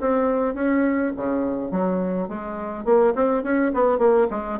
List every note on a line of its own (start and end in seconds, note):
0.00 0.54 C4
0.54 1.12 C#4
1.16 1.71 C#3
1.71 2.28 F#3
2.28 2.84 G#3
2.84 3.13 A#3
3.15 3.43 C4
3.43 3.72 C#4
3.74 3.98 B3
3.98 4.27 A#3
4.30 4.59 G#3